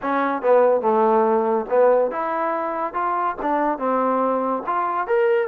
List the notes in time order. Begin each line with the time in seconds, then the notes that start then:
0.01 C#4
0.41 B3
0.81 A3
1.69 B3
2.11 E4
2.93 F4
3.41 D4
3.78 C4
4.66 F4
5.07 A#4